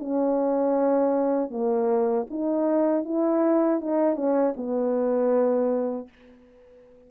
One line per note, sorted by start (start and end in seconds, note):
0.00 1.51 C#4
1.51 2.26 A#3
2.31 3.05 D#4
3.05 3.81 E4
3.81 4.16 D#4
4.16 4.54 C#4
4.57 6.09 B3